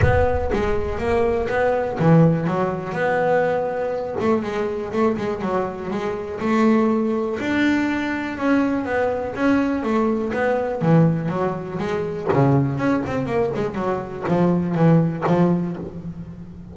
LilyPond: \new Staff \with { instrumentName = "double bass" } { \time 4/4 \tempo 4 = 122 b4 gis4 ais4 b4 | e4 fis4 b2~ | b8 a8 gis4 a8 gis8 fis4 | gis4 a2 d'4~ |
d'4 cis'4 b4 cis'4 | a4 b4 e4 fis4 | gis4 cis4 cis'8 c'8 ais8 gis8 | fis4 f4 e4 f4 | }